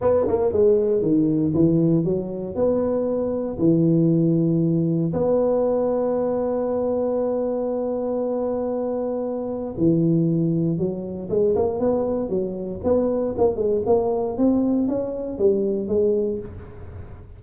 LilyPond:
\new Staff \with { instrumentName = "tuba" } { \time 4/4 \tempo 4 = 117 b8 ais8 gis4 dis4 e4 | fis4 b2 e4~ | e2 b2~ | b1~ |
b2. e4~ | e4 fis4 gis8 ais8 b4 | fis4 b4 ais8 gis8 ais4 | c'4 cis'4 g4 gis4 | }